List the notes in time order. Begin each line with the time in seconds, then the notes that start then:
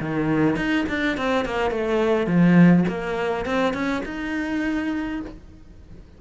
0.00 D#3
0.56 D#4
0.89 D4
1.17 C4
1.45 A#3
1.71 A3
2.27 F3
2.88 A#3
3.45 C4
3.74 C#4
4.05 D#4